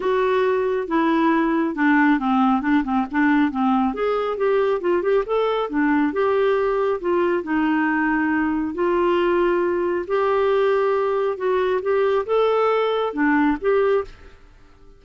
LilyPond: \new Staff \with { instrumentName = "clarinet" } { \time 4/4 \tempo 4 = 137 fis'2 e'2 | d'4 c'4 d'8 c'8 d'4 | c'4 gis'4 g'4 f'8 g'8 | a'4 d'4 g'2 |
f'4 dis'2. | f'2. g'4~ | g'2 fis'4 g'4 | a'2 d'4 g'4 | }